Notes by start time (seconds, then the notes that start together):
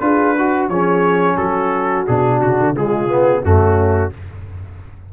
0.00 D4 F4 G#4 B4
0.38 F#4
0.69 F3 C#4 G#4 C#5
1.36 F#3 F#4 A4
2.07 B2 D4 G#4
2.41 C#3 F#4
2.60 D3
2.73 C#3 G#3 F4 G#4
3.09 B3
3.43 F#2 A3 C#4 F#4